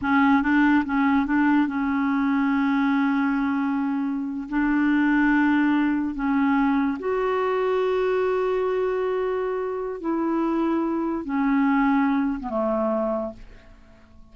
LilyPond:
\new Staff \with { instrumentName = "clarinet" } { \time 4/4 \tempo 4 = 144 cis'4 d'4 cis'4 d'4 | cis'1~ | cis'2~ cis'8. d'4~ d'16~ | d'2~ d'8. cis'4~ cis'16~ |
cis'8. fis'2.~ fis'16~ | fis'1 | e'2. cis'4~ | cis'4.~ cis'16 b16 a2 | }